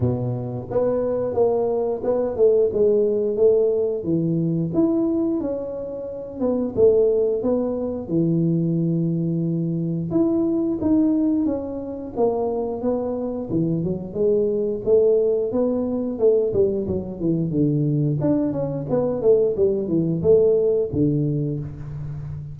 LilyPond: \new Staff \with { instrumentName = "tuba" } { \time 4/4 \tempo 4 = 89 b,4 b4 ais4 b8 a8 | gis4 a4 e4 e'4 | cis'4. b8 a4 b4 | e2. e'4 |
dis'4 cis'4 ais4 b4 | e8 fis8 gis4 a4 b4 | a8 g8 fis8 e8 d4 d'8 cis'8 | b8 a8 g8 e8 a4 d4 | }